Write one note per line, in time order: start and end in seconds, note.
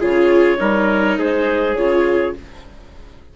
0.00 0.60 C#3
0.00 0.58 F4
0.00 0.59 G#4
0.00 1.20 C#5
0.58 1.19 G3
0.58 1.76 D#4
0.58 1.19 A#4
1.19 1.77 G#3
1.19 2.37 G#4
1.19 1.75 C5
1.75 2.35 C#3
1.75 2.36 F4
1.75 2.34 C#5